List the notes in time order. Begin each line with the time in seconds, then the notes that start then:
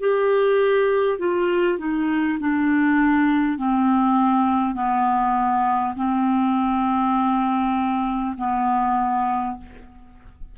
0.00 G4
1.19 F4
1.78 D#4
2.41 D4
3.58 C4
4.75 B3
5.96 C4
8.38 B3